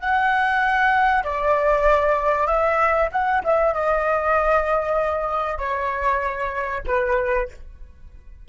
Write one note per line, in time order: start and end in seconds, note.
0.00 1.24 F#5
1.24 2.47 D5
2.47 3.09 E5
3.12 3.43 F#5
3.44 3.74 E5
3.74 5.59 D#5
5.59 6.82 C#5
6.87 7.49 B4